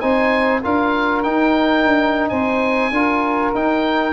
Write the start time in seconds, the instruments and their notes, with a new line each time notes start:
0.00 tuba C4, trombone D#4, saxophone C5, oboe G#5
0.63 tuba D4, trombone F4, saxophone A#4, oboe F5
1.23 trombone D#4, tuba D#4, oboe G5
1.85 tuba D4
2.29 tuba C4, saxophone C5, oboe G#5
2.91 tuba D4, trombone F4, saxophone A#4
3.54 trombone D#4, tuba D#4, oboe G5